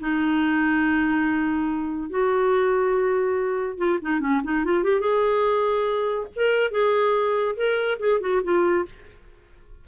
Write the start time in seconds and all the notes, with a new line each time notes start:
0.00 D#4
2.10 F#4
3.78 F4
4.02 D#4
4.20 C#4
4.44 D#4
4.65 F4
4.84 G4
5.01 G#4
6.36 A#4
6.71 G#4
7.56 A#4
7.99 G#4
8.21 F#4
8.43 F4